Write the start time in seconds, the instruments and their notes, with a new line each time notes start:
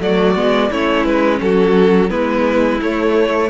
0.00 cello F#3, viola A3, violin F#4 D5
0.36 cello G#3, viola B3
0.71 cello A3, viola C#4, violin E4 C#5
1.05 cello G#3, violin B4
1.41 cello F#3, violin F#4 A4
2.10 cello G#3, viola B3, violin E4 B4
2.82 cello A3, viola A3, violin C#5